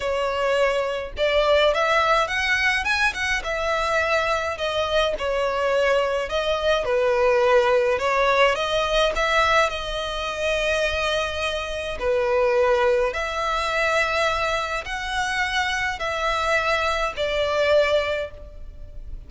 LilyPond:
\new Staff \with { instrumentName = "violin" } { \time 4/4 \tempo 4 = 105 cis''2 d''4 e''4 | fis''4 gis''8 fis''8 e''2 | dis''4 cis''2 dis''4 | b'2 cis''4 dis''4 |
e''4 dis''2.~ | dis''4 b'2 e''4~ | e''2 fis''2 | e''2 d''2 | }